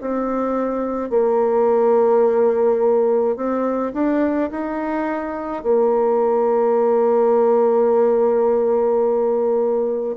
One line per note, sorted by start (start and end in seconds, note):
0.00 1.10 C4
1.10 3.36 A#3
3.36 3.93 C4
3.93 4.50 D4
4.50 5.62 D#4
5.62 10.15 A#3